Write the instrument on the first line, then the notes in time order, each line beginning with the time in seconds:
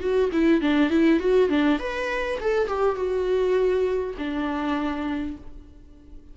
viola
0.00 F#4
0.32 E4
0.61 D4
0.90 E4
1.19 F#4
1.49 D4
1.79 B4
2.40 A4
2.67 G4
2.95 F#4
4.18 D4